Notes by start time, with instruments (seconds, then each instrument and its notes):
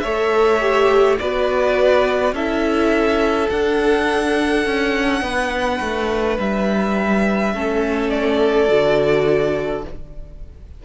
0.00 cello A3, viola A4, violin C#5 E5
0.60 viola G4
1.19 cello B3, viola F#4, violin B4 D5
2.32 cello C#4, viola E4, violin A4 E5
3.50 cello D4, viola D4, violin F#5
4.65 cello C#4
5.22 cello B3, violin B4
5.80 cello A3
6.39 cello G3, violin E5
7.53 cello A3, viola C#4, violin A4
8.10 violin D5
8.68 cello D3, viola F#4